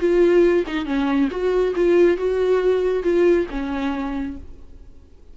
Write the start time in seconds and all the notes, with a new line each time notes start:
0.00 F4
0.67 D#4
0.86 C#4
1.31 F#4
1.76 F4
2.17 F#4
3.03 F4
3.51 C#4